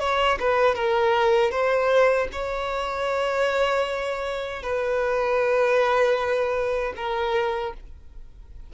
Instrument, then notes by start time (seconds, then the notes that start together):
violin
0.00 C#5
0.40 B4
0.75 A#4
1.51 C5
2.33 C#5
4.63 B4
6.97 A#4